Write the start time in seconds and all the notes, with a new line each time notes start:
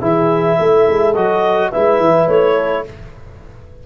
0.00 E3 E4 G#4 E5
0.59 A3 A4
0.87 G#3
1.13 F#3 F#4 D#5
1.71 G#3 E4 B4 E5
1.99 E3
2.27 A3 C#5
2.55 A4